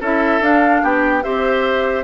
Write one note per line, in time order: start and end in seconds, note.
0.00 0.40 C#4
0.00 0.42 E4
0.00 0.82 A4
0.00 0.43 E5
0.40 0.82 D4
0.40 1.23 D4
0.40 0.84 F5
0.83 1.24 B3
0.83 1.24 G4
0.83 1.23 G5
1.23 2.04 C4
1.23 2.04 G4
1.23 2.04 C5
1.23 2.04 E5